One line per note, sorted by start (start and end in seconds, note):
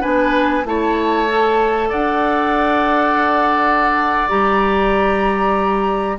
0.00 0.64 B3
0.00 0.63 D4
0.00 0.64 B4
0.00 0.65 G#5
0.64 1.90 A3
0.64 1.27 E4
0.64 1.89 C#5
0.64 1.91 A5
1.29 4.29 A4
1.89 4.29 D4
1.89 6.15 D5
1.89 4.28 F#5
4.28 6.19 G3
4.28 6.18 G4
4.28 6.18 A#5